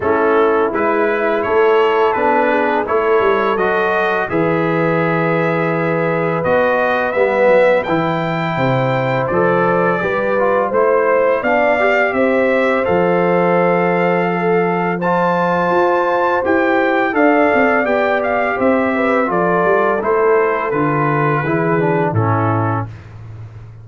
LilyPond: <<
  \new Staff \with { instrumentName = "trumpet" } { \time 4/4 \tempo 4 = 84 a'4 b'4 cis''4 b'4 | cis''4 dis''4 e''2~ | e''4 dis''4 e''4 g''4~ | g''4 d''2 c''4 |
f''4 e''4 f''2~ | f''4 a''2 g''4 | f''4 g''8 f''8 e''4 d''4 | c''4 b'2 a'4 | }
  \new Staff \with { instrumentName = "horn" } { \time 4/4 e'2 a'4. gis'8 | a'2 b'2~ | b'1 | c''2 b'4 c''4 |
d''4 c''2. | a'4 c''2. | d''2 c''8 b'8 a'4~ | a'2 gis'4 e'4 | }
  \new Staff \with { instrumentName = "trombone" } { \time 4/4 cis'4 e'2 d'4 | e'4 fis'4 gis'2~ | gis'4 fis'4 b4 e'4~ | e'4 a'4 g'8 f'8 e'4 |
d'8 g'4. a'2~ | a'4 f'2 g'4 | a'4 g'2 f'4 | e'4 f'4 e'8 d'8 cis'4 | }
  \new Staff \with { instrumentName = "tuba" } { \time 4/4 a4 gis4 a4 b4 | a8 g8 fis4 e2~ | e4 b4 g8 fis8 e4 | c4 f4 g4 a4 |
b4 c'4 f2~ | f2 f'4 e'4 | d'8 c'8 b4 c'4 f8 g8 | a4 d4 e4 a,4 | }
>>